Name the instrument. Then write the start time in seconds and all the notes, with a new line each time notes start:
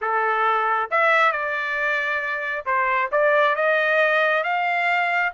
trumpet
0.01 A4
0.90 E5
1.32 D5
2.65 C5
3.11 D5
3.55 D#5
4.43 F5